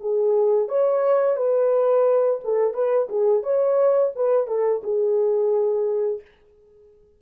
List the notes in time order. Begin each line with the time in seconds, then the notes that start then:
0.00 G#4
0.68 C#5
1.36 B4
2.44 A4
2.73 B4
3.09 G#4
3.43 C#5
4.15 B4
4.47 A4
4.83 G#4